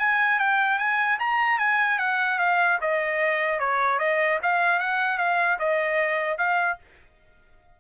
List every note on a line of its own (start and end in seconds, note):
0.00 0.39 G#5
0.39 0.79 G5
0.79 1.19 G#5
1.20 1.59 A#5
1.59 1.99 G#5
1.99 2.39 F#5
2.39 2.79 F5
2.81 3.60 D#5
3.60 3.99 C#5
3.99 4.39 D#5
4.43 4.80 F5
4.80 5.18 F#5
5.18 5.58 F5
5.59 6.38 D#5
6.38 6.78 F5